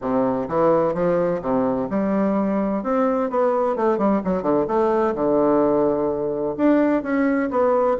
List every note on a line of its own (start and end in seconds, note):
0.01 0.48 C3
0.48 0.94 E3
0.94 1.41 F3
1.41 1.88 C3
1.89 2.83 G3
2.83 3.29 C4
3.30 3.76 B3
3.76 3.97 A3
3.97 4.21 G3
4.24 4.42 F#3
4.42 4.66 D3
4.67 5.14 A3
5.14 6.55 D3
6.57 7.02 D4
7.02 7.49 C#4
7.50 7.97 B3